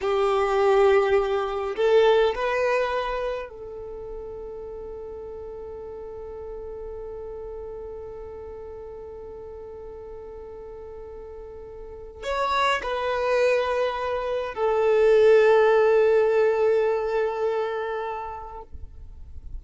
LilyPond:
\new Staff \with { instrumentName = "violin" } { \time 4/4 \tempo 4 = 103 g'2. a'4 | b'2 a'2~ | a'1~ | a'1~ |
a'1~ | a'4 cis''4 b'2~ | b'4 a'2.~ | a'1 | }